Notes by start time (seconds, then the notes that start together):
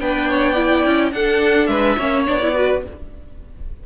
0.00 B3 D4 B4 G5
0.29 C#5
0.52 E4 D5
0.85 C#4
1.12 D4 A4 F#5
1.67 G#3 B4 E5
1.97 A#3 C#4 C#5
2.25 B3 D4 D5
2.41 E4
2.54 F#4 B4